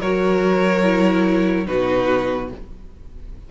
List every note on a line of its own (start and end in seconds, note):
0.00 1.68 F#3
0.00 0.83 F#4
0.00 1.67 A#4
0.00 1.66 C#5
0.83 1.65 E4
1.65 2.51 B2
1.65 2.49 D#4
1.65 2.50 F#4
1.65 2.50 B4